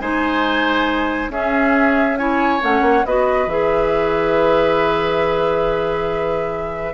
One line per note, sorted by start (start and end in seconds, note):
0.00 1.29 G#3
0.00 1.31 D#4
0.00 1.32 C5
0.00 1.31 G#5
1.29 2.59 C#4
1.29 2.18 C#4
1.29 2.19 G#4
1.29 2.17 E5
2.17 2.60 E4
2.17 3.06 C#5
2.17 2.61 G#5
2.60 2.81 A3
2.60 3.04 C#4
2.60 3.06 F#5
2.81 3.03 A#3
3.05 3.46 B3
3.05 3.49 F#4
3.05 6.93 B4
3.05 3.49 D#5
3.46 6.93 E3
3.46 6.93 G#4
3.46 6.93 E5